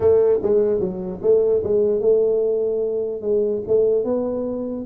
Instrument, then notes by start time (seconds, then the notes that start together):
tuba
0.00 A3
0.42 G#3
0.80 F#3
1.22 A3
1.63 G#3
2.00 A3
3.21 G#3
3.67 A3
4.04 B3